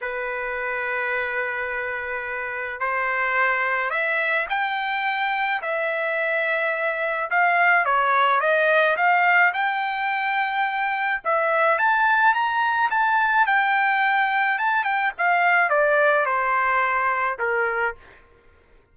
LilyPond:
\new Staff \with { instrumentName = "trumpet" } { \time 4/4 \tempo 4 = 107 b'1~ | b'4 c''2 e''4 | g''2 e''2~ | e''4 f''4 cis''4 dis''4 |
f''4 g''2. | e''4 a''4 ais''4 a''4 | g''2 a''8 g''8 f''4 | d''4 c''2 ais'4 | }